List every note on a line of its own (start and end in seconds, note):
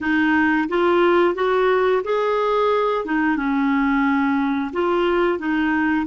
0.00 0.68 D#4
0.68 1.35 F4
1.35 2.02 F#4
2.04 3.05 G#4
3.05 3.36 D#4
3.36 4.71 C#4
4.72 5.38 F4
5.38 6.06 D#4